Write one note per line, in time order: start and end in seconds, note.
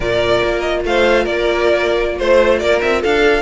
0.00 0.42 A#2
0.00 3.42 F4
0.00 0.82 A#4
0.00 0.59 D5
0.43 0.84 A#3
0.59 0.80 D#5
0.84 1.26 A3
0.84 1.23 C5
0.84 1.25 F5
1.23 2.19 A#3
1.23 2.17 A#4
1.23 2.19 D5
2.18 2.60 A3
2.18 2.60 C5
2.18 2.59 C5
2.59 2.81 A#3
2.59 3.01 A#4
2.59 2.79 D5
2.81 3.03 C4
2.81 3.02 E5
3.01 3.42 D4
3.01 3.42 A4
3.01 3.42 F5